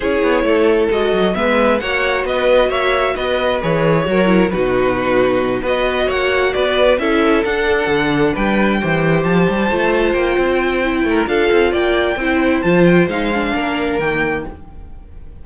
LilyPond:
<<
  \new Staff \with { instrumentName = "violin" } { \time 4/4 \tempo 4 = 133 cis''2 dis''4 e''4 | fis''4 dis''4 e''4 dis''4 | cis''2 b'2~ | b'8 dis''4 fis''4 d''4 e''8~ |
e''8 fis''2 g''4.~ | g''8 a''2 g''4.~ | g''4 f''4 g''2 | a''8 g''8 f''2 g''4 | }
  \new Staff \with { instrumentName = "violin" } { \time 4/4 gis'4 a'2 b'4 | cis''4 b'4 cis''4 b'4~ | b'4 ais'4 fis'2~ | fis'8 b'4 cis''4 b'4 a'8~ |
a'2~ a'8 b'4 c''8~ | c''1~ | c''8 ais'8 a'4 d''4 c''4~ | c''2 ais'2 | }
  \new Staff \with { instrumentName = "viola" } { \time 4/4 e'2 fis'4 b4 | fis'1 | gis'4 fis'8 e'8 dis'2~ | dis'8 fis'2. e'8~ |
e'8 d'2. g'8~ | g'4. f'2~ f'8 | e'4 f'2 e'4 | f'4 dis'8 d'4. ais4 | }
  \new Staff \with { instrumentName = "cello" } { \time 4/4 cis'8 b8 a4 gis8 fis8 gis4 | ais4 b4 ais4 b4 | e4 fis4 b,2~ | b,8 b4 ais4 b4 cis'8~ |
cis'8 d'4 d4 g4 e8~ | e8 f8 g8 a4 ais8 c'4~ | c'8 a8 d'8 c'8 ais4 c'4 | f4 gis4 ais4 dis4 | }
>>